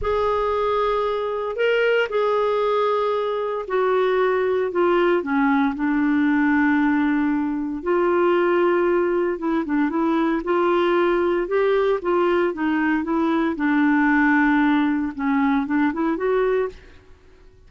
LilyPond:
\new Staff \with { instrumentName = "clarinet" } { \time 4/4 \tempo 4 = 115 gis'2. ais'4 | gis'2. fis'4~ | fis'4 f'4 cis'4 d'4~ | d'2. f'4~ |
f'2 e'8 d'8 e'4 | f'2 g'4 f'4 | dis'4 e'4 d'2~ | d'4 cis'4 d'8 e'8 fis'4 | }